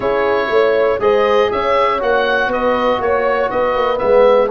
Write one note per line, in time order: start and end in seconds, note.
0.00 0.48 C#4
0.00 0.99 E4
0.00 0.49 G#4
0.00 1.00 C#5
0.49 0.99 A3
0.49 1.01 C#5
0.99 1.49 G#3
0.99 1.99 G#4
0.99 1.51 C5
0.99 1.51 D#5
1.51 2.02 C#4
1.51 2.50 C#5
1.51 2.01 E5
1.99 2.47 A#3
1.99 3.97 F#4
1.99 2.52 F#5
2.47 2.97 B3
2.47 3.00 B4
2.47 3.01 D#5
2.99 3.49 A#3
2.99 3.50 C#5
2.99 3.49 C#5
3.49 3.75 B3
3.49 4.49 B4
3.49 3.98 D#5
3.75 4.00 A#3
3.97 4.50 G#3
3.97 4.47 B3
3.97 4.48 E5